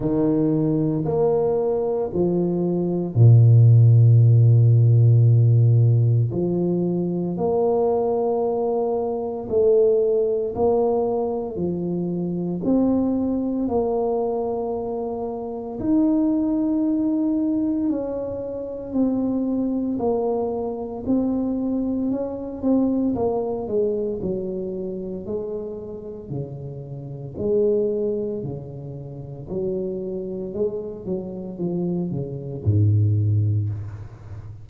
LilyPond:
\new Staff \with { instrumentName = "tuba" } { \time 4/4 \tempo 4 = 57 dis4 ais4 f4 ais,4~ | ais,2 f4 ais4~ | ais4 a4 ais4 f4 | c'4 ais2 dis'4~ |
dis'4 cis'4 c'4 ais4 | c'4 cis'8 c'8 ais8 gis8 fis4 | gis4 cis4 gis4 cis4 | fis4 gis8 fis8 f8 cis8 gis,4 | }